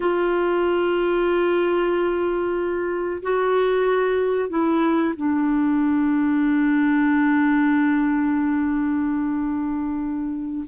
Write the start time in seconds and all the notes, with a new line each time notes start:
0.00 F4
3.22 F#4
4.49 E4
5.16 D4